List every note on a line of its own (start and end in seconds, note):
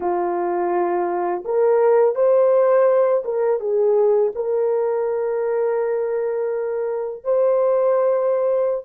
0.00 1.44 F4
1.45 2.15 A#4
2.15 3.23 C5
3.24 3.59 A#4
3.59 4.32 G#4
4.35 7.24 A#4
7.24 8.85 C5